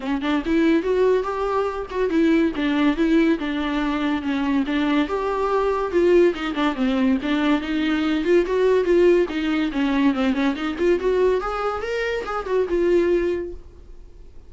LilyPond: \new Staff \with { instrumentName = "viola" } { \time 4/4 \tempo 4 = 142 cis'8 d'8 e'4 fis'4 g'4~ | g'8 fis'8 e'4 d'4 e'4 | d'2 cis'4 d'4 | g'2 f'4 dis'8 d'8 |
c'4 d'4 dis'4. f'8 | fis'4 f'4 dis'4 cis'4 | c'8 cis'8 dis'8 f'8 fis'4 gis'4 | ais'4 gis'8 fis'8 f'2 | }